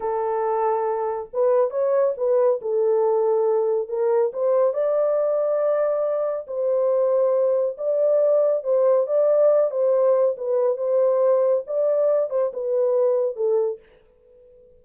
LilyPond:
\new Staff \with { instrumentName = "horn" } { \time 4/4 \tempo 4 = 139 a'2. b'4 | cis''4 b'4 a'2~ | a'4 ais'4 c''4 d''4~ | d''2. c''4~ |
c''2 d''2 | c''4 d''4. c''4. | b'4 c''2 d''4~ | d''8 c''8 b'2 a'4 | }